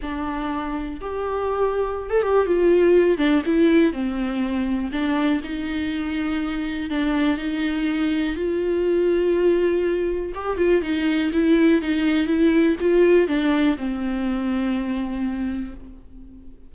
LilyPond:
\new Staff \with { instrumentName = "viola" } { \time 4/4 \tempo 4 = 122 d'2 g'2~ | g'16 a'16 g'8 f'4. d'8 e'4 | c'2 d'4 dis'4~ | dis'2 d'4 dis'4~ |
dis'4 f'2.~ | f'4 g'8 f'8 dis'4 e'4 | dis'4 e'4 f'4 d'4 | c'1 | }